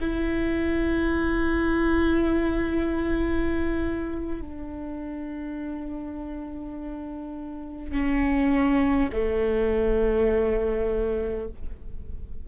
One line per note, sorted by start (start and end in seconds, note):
0.00 4.41 E4
4.41 7.92 D4
7.92 9.10 C#4
9.13 11.48 A3